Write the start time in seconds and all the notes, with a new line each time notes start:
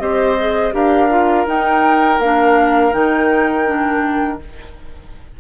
0.00 C4 G4 C5 D#5
0.40 G#4
0.73 D4 G4 A#4 F5
1.10 F4
1.47 D#4 G5
2.19 A#3 D4 F5
2.93 D#3 D#4 G5
3.66 D4